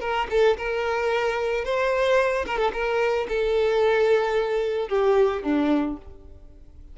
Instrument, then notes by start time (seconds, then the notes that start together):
violin
0.00 A#4
0.30 A4
0.57 A#4
1.64 C5
2.46 A#4
2.58 A4
2.73 A#4
3.29 A4
4.89 G4
5.43 D4